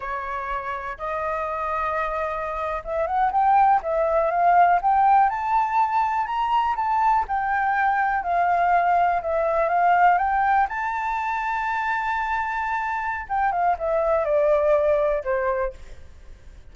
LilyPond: \new Staff \with { instrumentName = "flute" } { \time 4/4 \tempo 4 = 122 cis''2 dis''2~ | dis''4.~ dis''16 e''8 fis''8 g''4 e''16~ | e''8. f''4 g''4 a''4~ a''16~ | a''8. ais''4 a''4 g''4~ g''16~ |
g''8. f''2 e''4 f''16~ | f''8. g''4 a''2~ a''16~ | a''2. g''8 f''8 | e''4 d''2 c''4 | }